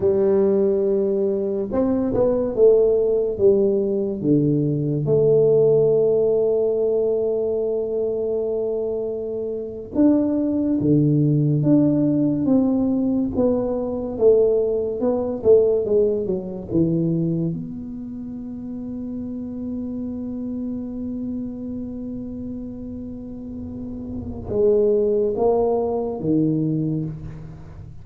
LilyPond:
\new Staff \with { instrumentName = "tuba" } { \time 4/4 \tempo 4 = 71 g2 c'8 b8 a4 | g4 d4 a2~ | a2.~ a8. d'16~ | d'8. d4 d'4 c'4 b16~ |
b8. a4 b8 a8 gis8 fis8 e16~ | e8. b2.~ b16~ | b1~ | b4 gis4 ais4 dis4 | }